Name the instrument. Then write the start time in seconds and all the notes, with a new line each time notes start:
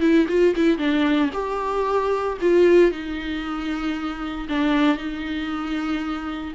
viola
0.00 E4
0.28 F4
0.56 E4
0.78 D4
1.33 G4
2.41 F4
2.91 D#4
4.49 D4
4.97 D#4